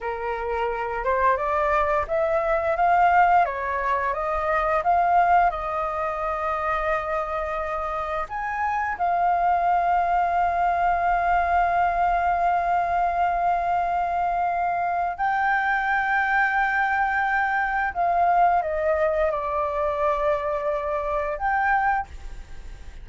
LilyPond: \new Staff \with { instrumentName = "flute" } { \time 4/4 \tempo 4 = 87 ais'4. c''8 d''4 e''4 | f''4 cis''4 dis''4 f''4 | dis''1 | gis''4 f''2.~ |
f''1~ | f''2 g''2~ | g''2 f''4 dis''4 | d''2. g''4 | }